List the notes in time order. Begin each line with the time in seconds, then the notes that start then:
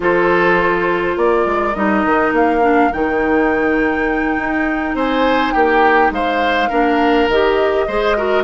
0.00 F3 F4 A4 C5
1.16 A#3 A#4 D5
1.45 G#3
1.74 G3 D#4 D#5
2.04 D#3
2.32 A#3 F5
2.61 D4
2.92 D#3 D#4 G5
4.37 D#4
4.94 C4 C5 G#5
5.52 A#3 G4 G5
6.10 G#3 C5 F5
6.69 A#3 D4 A#4
7.27 D#3 G4 D#5
7.87 G#3 G#4 C5
8.17 F#4 A#4